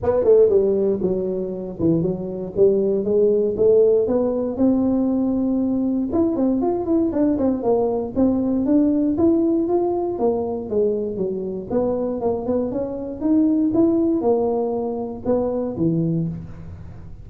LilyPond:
\new Staff \with { instrumentName = "tuba" } { \time 4/4 \tempo 4 = 118 b8 a8 g4 fis4. e8 | fis4 g4 gis4 a4 | b4 c'2. | e'8 c'8 f'8 e'8 d'8 c'8 ais4 |
c'4 d'4 e'4 f'4 | ais4 gis4 fis4 b4 | ais8 b8 cis'4 dis'4 e'4 | ais2 b4 e4 | }